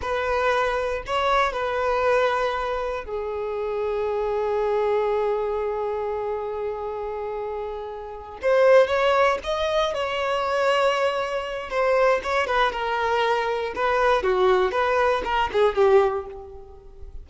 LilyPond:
\new Staff \with { instrumentName = "violin" } { \time 4/4 \tempo 4 = 118 b'2 cis''4 b'4~ | b'2 gis'2~ | gis'1~ | gis'1~ |
gis'8 c''4 cis''4 dis''4 cis''8~ | cis''2. c''4 | cis''8 b'8 ais'2 b'4 | fis'4 b'4 ais'8 gis'8 g'4 | }